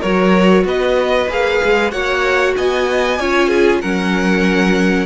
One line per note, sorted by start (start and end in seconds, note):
0.00 0.65 F#3
0.00 1.29 F#4
0.00 0.63 A#4
0.00 0.65 C#5
0.65 1.28 B3
0.65 1.92 B4
0.65 1.31 D#5
1.29 1.61 A#3
1.29 1.92 G#4
1.29 1.91 F5
1.65 1.93 G#3
1.91 2.56 A#3
1.91 3.18 F#4
1.91 2.55 C#5
1.91 2.55 F#5
2.57 3.20 B3
2.57 3.21 D#5
2.57 3.81 G#5
3.20 3.83 C#4
3.20 3.84 F4
3.20 3.48 C#5
3.48 3.80 G#4
3.81 5.07 F#3
3.81 5.07 C#4
3.81 5.07 A#4
3.81 5.07 F#5